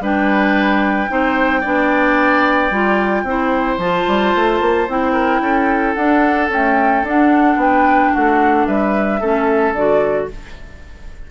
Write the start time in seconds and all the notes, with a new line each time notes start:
0.00 G3 D4 B4 G5
1.08 C4 D#4 C5
1.60 B3 D4 D5
2.70 G3 F4
3.23 C4 E4 C5
3.77 F3 F4 A5
4.07 G3
4.35 A3
4.60 A#3
4.88 C4 E4 G5
5.12 A#4
5.40 C#4 A4
5.94 D4 F#5
6.49 A3 C#4 G5
7.03 D4 F#5
7.56 B3 B4 G5
8.13 A3 F#4 F#5
8.66 G3 B4 E5
9.20 A3 C#4 A4
9.73 D3 F#4 D5